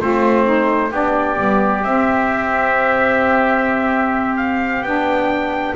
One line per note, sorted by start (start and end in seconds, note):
0.00 0.91 A3
0.00 0.90 C4
0.00 0.44 F4
0.00 0.93 C5
0.44 0.90 D#4
0.90 1.37 B3
0.90 1.36 D4
0.90 5.75 G4
0.90 1.84 D5
1.36 1.84 G3
1.36 1.82 B3
1.84 4.84 C4
1.84 4.82 C4
1.84 4.37 E5
4.37 4.83 F5
4.82 5.75 B3
4.82 5.75 D4
4.82 5.75 G5